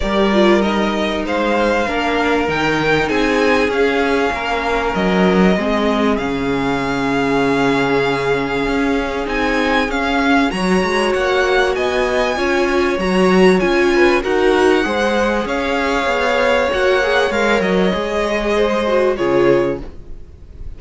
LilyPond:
<<
  \new Staff \with { instrumentName = "violin" } { \time 4/4 \tempo 4 = 97 d''4 dis''4 f''2 | g''4 gis''4 f''2 | dis''2 f''2~ | f''2. gis''4 |
f''4 ais''4 fis''4 gis''4~ | gis''4 ais''4 gis''4 fis''4~ | fis''4 f''2 fis''4 | f''8 dis''2~ dis''8 cis''4 | }
  \new Staff \with { instrumentName = "violin" } { \time 4/4 ais'2 c''4 ais'4~ | ais'4 gis'2 ais'4~ | ais'4 gis'2.~ | gis'1~ |
gis'4 cis''2 dis''4 | cis''2~ cis''8 b'8 ais'4 | c''4 cis''2.~ | cis''2 c''4 gis'4 | }
  \new Staff \with { instrumentName = "viola" } { \time 4/4 g'8 f'8 dis'2 d'4 | dis'2 cis'2~ | cis'4 c'4 cis'2~ | cis'2. dis'4 |
cis'4 fis'2. | f'4 fis'4 f'4 fis'4 | gis'2. fis'8 gis'8 | ais'4 gis'4. fis'8 f'4 | }
  \new Staff \with { instrumentName = "cello" } { \time 4/4 g2 gis4 ais4 | dis4 c'4 cis'4 ais4 | fis4 gis4 cis2~ | cis2 cis'4 c'4 |
cis'4 fis8 gis8 ais4 b4 | cis'4 fis4 cis'4 dis'4 | gis4 cis'4 b4 ais4 | gis8 fis8 gis2 cis4 | }
>>